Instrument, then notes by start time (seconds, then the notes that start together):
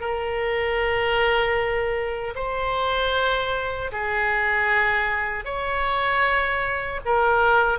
oboe
0.00 A#4
2.35 C5
3.92 G#4
5.44 C#5
7.05 A#4